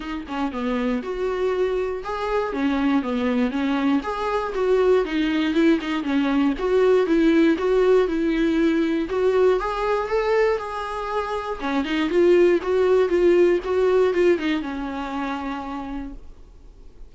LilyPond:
\new Staff \with { instrumentName = "viola" } { \time 4/4 \tempo 4 = 119 dis'8 cis'8 b4 fis'2 | gis'4 cis'4 b4 cis'4 | gis'4 fis'4 dis'4 e'8 dis'8 | cis'4 fis'4 e'4 fis'4 |
e'2 fis'4 gis'4 | a'4 gis'2 cis'8 dis'8 | f'4 fis'4 f'4 fis'4 | f'8 dis'8 cis'2. | }